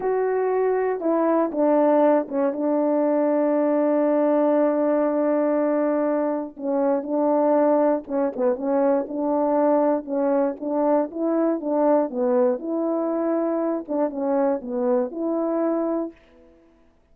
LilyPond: \new Staff \with { instrumentName = "horn" } { \time 4/4 \tempo 4 = 119 fis'2 e'4 d'4~ | d'8 cis'8 d'2.~ | d'1~ | d'4 cis'4 d'2 |
cis'8 b8 cis'4 d'2 | cis'4 d'4 e'4 d'4 | b4 e'2~ e'8 d'8 | cis'4 b4 e'2 | }